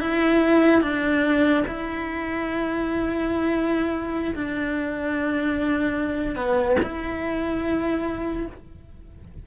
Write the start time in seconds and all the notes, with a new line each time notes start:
0.00 E4
0.82 D4
1.67 E4
4.35 D4
6.36 B3
6.83 E4